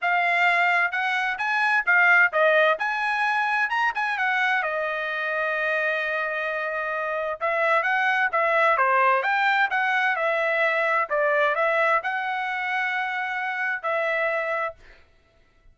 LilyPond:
\new Staff \with { instrumentName = "trumpet" } { \time 4/4 \tempo 4 = 130 f''2 fis''4 gis''4 | f''4 dis''4 gis''2 | ais''8 gis''8 fis''4 dis''2~ | dis''1 |
e''4 fis''4 e''4 c''4 | g''4 fis''4 e''2 | d''4 e''4 fis''2~ | fis''2 e''2 | }